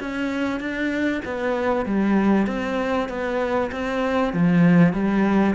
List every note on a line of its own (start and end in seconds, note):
0.00 0.60 C#4
0.60 1.22 D4
1.25 1.86 B3
1.86 2.47 G3
2.47 3.09 C4
3.09 3.71 B3
3.71 4.33 C4
4.33 4.93 F3
4.93 5.55 G3